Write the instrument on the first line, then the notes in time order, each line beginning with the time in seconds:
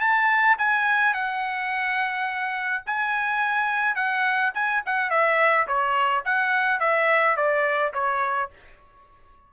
trumpet
0.00 A5
0.58 G#5
1.13 F#5
2.86 G#5
3.95 F#5
4.54 G#5
4.86 F#5
5.10 E5
5.67 C#5
6.25 F#5
6.80 E5
7.36 D5
7.93 C#5